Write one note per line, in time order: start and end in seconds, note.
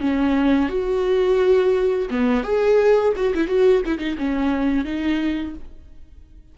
0.00 0.69 C#4
0.69 2.09 F#4
2.10 2.43 B3
2.43 3.13 G#4
3.16 3.33 F#4
3.35 3.47 E4
3.47 3.82 F#4
3.85 3.99 E4
3.99 4.16 D#4
4.18 4.85 C#4
4.85 5.54 D#4